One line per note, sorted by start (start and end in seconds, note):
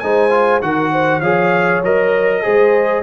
0.00 0.62 G#3
0.00 0.31 D#4
0.00 0.64 C5
0.00 0.61 G#5
0.31 0.61 F4
0.62 1.21 D#3
0.62 1.22 F#4
0.62 0.92 A#4
0.62 1.21 F#5
0.92 1.20 C5
1.20 1.82 F3
1.20 1.84 G#4
1.20 2.41 C#5
1.20 1.82 F5
1.83 2.44 F#3
1.83 2.43 A#4
1.83 3.03 D#5
2.43 3.03 G#3
2.43 3.03 G#4
2.43 3.03 C5